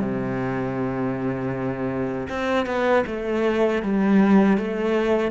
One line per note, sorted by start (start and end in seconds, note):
0.00 2.28 C3
2.30 2.66 C4
2.66 3.04 B3
3.07 3.83 A3
3.83 4.58 G3
4.58 5.31 A3